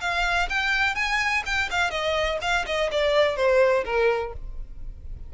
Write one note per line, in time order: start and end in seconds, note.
0.00 0.48 F5
0.49 0.95 G5
0.95 1.43 G#5
1.45 1.69 G5
1.70 1.90 F5
1.90 2.38 D#5
2.41 2.65 F5
2.66 2.90 D#5
2.91 3.36 D5
3.36 3.84 C5
3.85 4.33 A#4